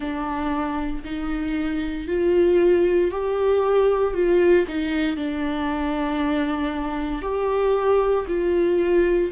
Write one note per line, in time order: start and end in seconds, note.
0.00 1.03 D4
1.04 2.07 D#4
2.07 3.11 F4
3.11 4.14 G4
4.14 4.66 F4
4.67 5.16 D#4
5.16 7.22 D4
7.22 8.25 G4
8.28 9.31 F4